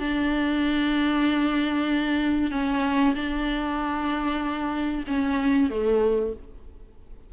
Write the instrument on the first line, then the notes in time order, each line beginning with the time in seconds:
viola
0.00 D4
2.51 C#4
3.15 D4
5.08 C#4
5.70 A3